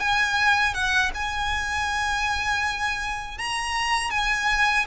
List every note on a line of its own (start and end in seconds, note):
0.00 0.74 G#5
0.74 1.11 F#5
1.15 3.38 G#5
3.38 4.11 A#5
4.11 4.86 G#5